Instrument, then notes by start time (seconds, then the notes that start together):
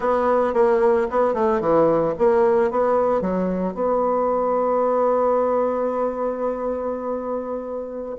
bassoon
0.00 B3
0.53 A#3
1.10 B3
1.33 A3
1.60 E3
2.18 A#3
2.71 B3
3.21 F#3
3.74 B3